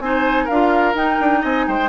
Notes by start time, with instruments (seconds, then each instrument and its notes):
0.00 bassoon C4, clarinet D#4, oboe C5, flute G#5
0.44 bassoon D4, oboe A#4, flute F5
0.51 clarinet F4
0.94 bassoon D#4, clarinet D#4, flute G5
1.20 bassoon D4
1.42 bassoon C4, oboe D#5, flute G#5
1.68 bassoon G#3, oboe C5, flute G5